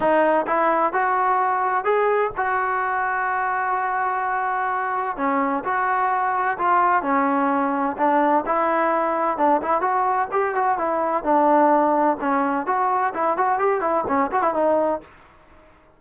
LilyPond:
\new Staff \with { instrumentName = "trombone" } { \time 4/4 \tempo 4 = 128 dis'4 e'4 fis'2 | gis'4 fis'2.~ | fis'2. cis'4 | fis'2 f'4 cis'4~ |
cis'4 d'4 e'2 | d'8 e'8 fis'4 g'8 fis'8 e'4 | d'2 cis'4 fis'4 | e'8 fis'8 g'8 e'8 cis'8 fis'16 e'16 dis'4 | }